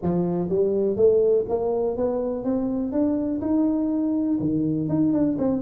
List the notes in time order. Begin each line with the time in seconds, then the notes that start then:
0.02 F3
0.49 G3
0.96 A3
1.48 A#3
1.96 B3
2.44 C4
2.92 D4
3.41 D#4
4.40 D#3
4.88 D#4
5.13 D4
5.38 C4